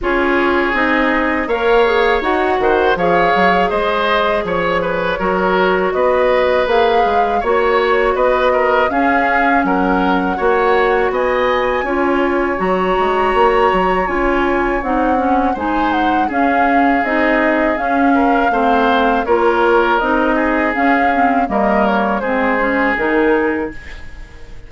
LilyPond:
<<
  \new Staff \with { instrumentName = "flute" } { \time 4/4 \tempo 4 = 81 cis''4 dis''4 f''4 fis''4 | f''4 dis''4 cis''2 | dis''4 f''4 cis''4 dis''4 | f''4 fis''2 gis''4~ |
gis''4 ais''2 gis''4 | fis''4 gis''8 fis''8 f''4 dis''4 | f''2 cis''4 dis''4 | f''4 dis''8 cis''8 c''4 ais'4 | }
  \new Staff \with { instrumentName = "oboe" } { \time 4/4 gis'2 cis''4. c''8 | cis''4 c''4 cis''8 b'8 ais'4 | b'2 cis''4 b'8 ais'8 | gis'4 ais'4 cis''4 dis''4 |
cis''1~ | cis''4 c''4 gis'2~ | gis'8 ais'8 c''4 ais'4. gis'8~ | gis'4 ais'4 gis'2 | }
  \new Staff \with { instrumentName = "clarinet" } { \time 4/4 f'4 dis'4 ais'8 gis'8 fis'4 | gis'2. fis'4~ | fis'4 gis'4 fis'2 | cis'2 fis'2 |
f'4 fis'2 f'4 | dis'8 cis'8 dis'4 cis'4 dis'4 | cis'4 c'4 f'4 dis'4 | cis'8 c'8 ais4 c'8 cis'8 dis'4 | }
  \new Staff \with { instrumentName = "bassoon" } { \time 4/4 cis'4 c'4 ais4 dis'8 dis8 | f8 fis8 gis4 f4 fis4 | b4 ais8 gis8 ais4 b4 | cis'4 fis4 ais4 b4 |
cis'4 fis8 gis8 ais8 fis8 cis'4 | c'4 gis4 cis'4 c'4 | cis'4 a4 ais4 c'4 | cis'4 g4 gis4 dis4 | }
>>